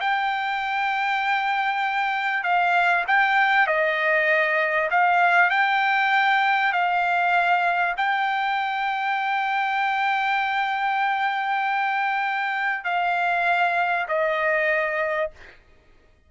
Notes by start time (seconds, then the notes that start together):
0.00 G5
2.44 F5
3.08 G5
3.67 D#5
4.90 F5
5.50 G5
6.73 F5
7.97 G5
12.84 F5
14.08 D#5